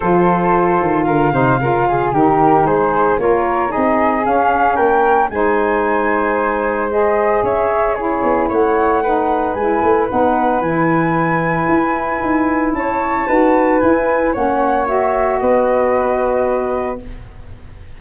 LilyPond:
<<
  \new Staff \with { instrumentName = "flute" } { \time 4/4 \tempo 4 = 113 c''2 f''2 | ais'4 c''4 cis''4 dis''4 | f''4 g''4 gis''2~ | gis''4 dis''4 e''4 cis''4 |
fis''2 gis''4 fis''4 | gis''1 | a''2 gis''4 fis''4 | e''4 dis''2. | }
  \new Staff \with { instrumentName = "flute" } { \time 4/4 a'2 ais'8 c''8 ais'8 gis'8 | g'4 gis'4 ais'4 gis'4~ | gis'4 ais'4 c''2~ | c''2 cis''4 gis'4 |
cis''4 b'2.~ | b'1 | cis''4 b'2 cis''4~ | cis''4 b'2. | }
  \new Staff \with { instrumentName = "saxophone" } { \time 4/4 f'2~ f'8 dis'8 f'4 | dis'2 f'4 dis'4 | cis'2 dis'2~ | dis'4 gis'2 e'4~ |
e'4 dis'4 e'4 dis'4 | e'1~ | e'4 fis'4 e'4 cis'4 | fis'1 | }
  \new Staff \with { instrumentName = "tuba" } { \time 4/4 f4. dis8 d8 c8 cis4 | dis4 gis4 ais4 c'4 | cis'4 ais4 gis2~ | gis2 cis'4. b8 |
a2 gis8 a8 b4 | e2 e'4 dis'4 | cis'4 dis'4 e'4 ais4~ | ais4 b2. | }
>>